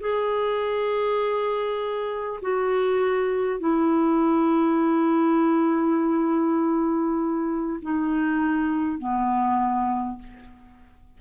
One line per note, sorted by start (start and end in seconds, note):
0.00 2.40 G#4
2.42 3.59 F#4
3.59 7.79 E4
7.82 8.99 D#4
8.99 10.19 B3